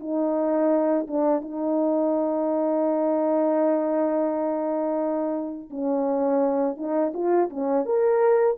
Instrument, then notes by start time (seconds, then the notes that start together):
horn
0.00 D#4
1.08 D4
1.42 D#4
5.71 C#4
6.77 D#4
7.14 F4
7.50 C#4
7.86 A#4